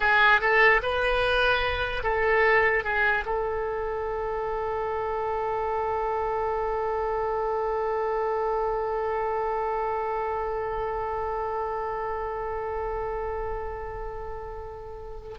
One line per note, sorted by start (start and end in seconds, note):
0.00 0.41 G#4
0.41 0.81 A4
0.82 2.03 B4
2.03 2.83 A4
2.83 3.24 G#4
3.25 15.38 A4